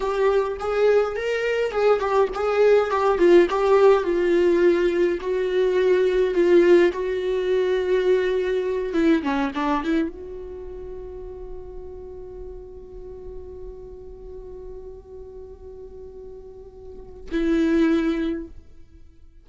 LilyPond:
\new Staff \with { instrumentName = "viola" } { \time 4/4 \tempo 4 = 104 g'4 gis'4 ais'4 gis'8 g'8 | gis'4 g'8 f'8 g'4 f'4~ | f'4 fis'2 f'4 | fis'2.~ fis'8 e'8 |
cis'8 d'8 e'8 fis'2~ fis'8~ | fis'1~ | fis'1~ | fis'2 e'2 | }